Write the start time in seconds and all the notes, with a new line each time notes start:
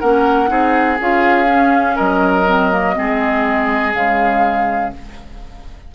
0.00 A#3 C#4 A#4 F#5
0.48 C4 D#4 G#4
1.00 C#4 F4 F5
1.46 C#4
1.96 F#3 A#4 D#5
2.47 C4
2.72 A#3
2.95 G#3 C4 G#4
3.94 C#3 G#3 F5